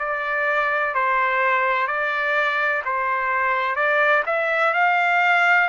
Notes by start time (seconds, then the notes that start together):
0.00 D5
0.95 C5
1.88 D5
2.85 C5
3.76 D5
4.26 E5
4.74 F5